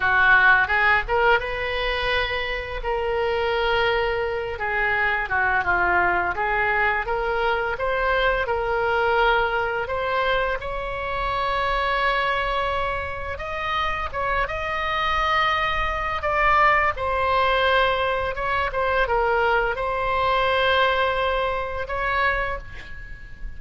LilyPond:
\new Staff \with { instrumentName = "oboe" } { \time 4/4 \tempo 4 = 85 fis'4 gis'8 ais'8 b'2 | ais'2~ ais'8 gis'4 fis'8 | f'4 gis'4 ais'4 c''4 | ais'2 c''4 cis''4~ |
cis''2. dis''4 | cis''8 dis''2~ dis''8 d''4 | c''2 cis''8 c''8 ais'4 | c''2. cis''4 | }